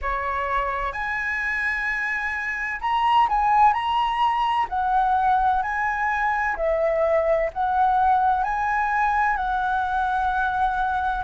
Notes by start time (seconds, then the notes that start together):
0.01 C#5
0.92 G#5
2.80 A#5
3.28 G#5
3.73 A#5
4.69 F#5
5.62 G#5
6.56 E5
7.53 F#5
8.43 G#5
9.36 F#5